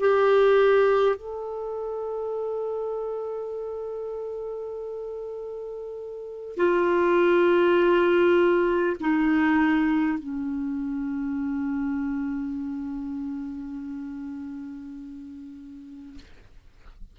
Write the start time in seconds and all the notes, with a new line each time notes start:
0.00 G4
1.16 A4
6.57 F4
9.01 D#4
10.19 C#4